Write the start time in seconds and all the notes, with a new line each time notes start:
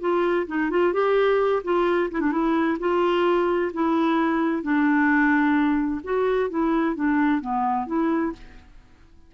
0.00 F4
0.47 D#4
0.70 F4
0.93 G4
1.64 F4
2.11 E4
2.20 D4
2.31 E4
2.79 F4
3.73 E4
4.62 D4
6.03 F#4
6.49 E4
6.95 D4
7.41 B3
7.86 E4